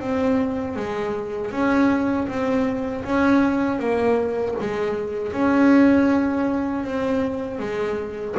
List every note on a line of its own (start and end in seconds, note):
0.00 0.76 C4
0.76 1.51 G#3
1.51 2.27 C#4
2.28 3.04 C4
3.04 3.79 C#4
3.79 4.55 A#3
4.60 5.33 G#3
5.33 6.84 C#4
6.84 7.59 C4
7.59 8.35 G#3